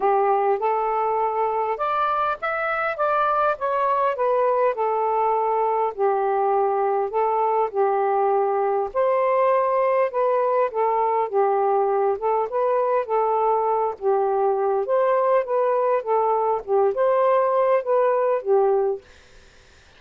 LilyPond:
\new Staff \with { instrumentName = "saxophone" } { \time 4/4 \tempo 4 = 101 g'4 a'2 d''4 | e''4 d''4 cis''4 b'4 | a'2 g'2 | a'4 g'2 c''4~ |
c''4 b'4 a'4 g'4~ | g'8 a'8 b'4 a'4. g'8~ | g'4 c''4 b'4 a'4 | g'8 c''4. b'4 g'4 | }